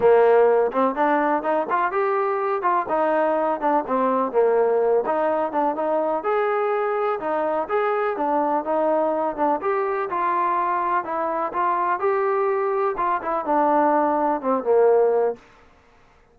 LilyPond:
\new Staff \with { instrumentName = "trombone" } { \time 4/4 \tempo 4 = 125 ais4. c'8 d'4 dis'8 f'8 | g'4. f'8 dis'4. d'8 | c'4 ais4. dis'4 d'8 | dis'4 gis'2 dis'4 |
gis'4 d'4 dis'4. d'8 | g'4 f'2 e'4 | f'4 g'2 f'8 e'8 | d'2 c'8 ais4. | }